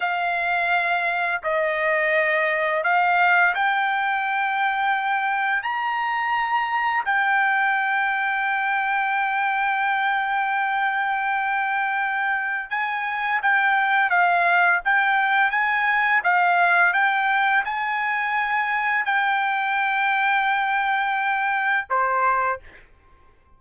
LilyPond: \new Staff \with { instrumentName = "trumpet" } { \time 4/4 \tempo 4 = 85 f''2 dis''2 | f''4 g''2. | ais''2 g''2~ | g''1~ |
g''2 gis''4 g''4 | f''4 g''4 gis''4 f''4 | g''4 gis''2 g''4~ | g''2. c''4 | }